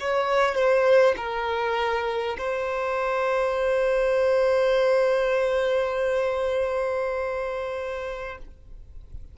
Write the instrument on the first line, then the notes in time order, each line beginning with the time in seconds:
violin
0.00 C#5
0.55 C5
1.17 A#4
2.38 C5